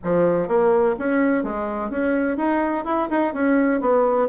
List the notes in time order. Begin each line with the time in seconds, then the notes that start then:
0.03 F3
0.48 A#3
0.98 C#4
1.43 G#3
1.90 C#4
2.37 D#4
2.84 E4
3.10 D#4
3.33 C#4
3.81 B3